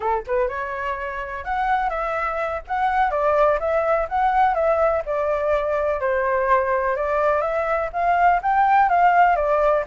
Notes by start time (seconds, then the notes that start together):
0.00 A4
0.26 B4
0.48 C#5
1.44 F#5
1.89 E5
2.67 F#5
3.11 D5
3.59 E5
4.08 F#5
4.54 E5
5.05 D5
6.00 C5
6.96 D5
7.41 E5
7.92 F5
8.42 G5
8.89 F5
9.36 D5